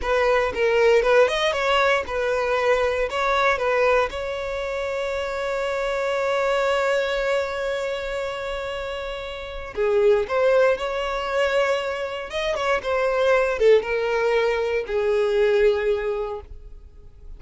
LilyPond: \new Staff \with { instrumentName = "violin" } { \time 4/4 \tempo 4 = 117 b'4 ais'4 b'8 dis''8 cis''4 | b'2 cis''4 b'4 | cis''1~ | cis''1~ |
cis''2. gis'4 | c''4 cis''2. | dis''8 cis''8 c''4. a'8 ais'4~ | ais'4 gis'2. | }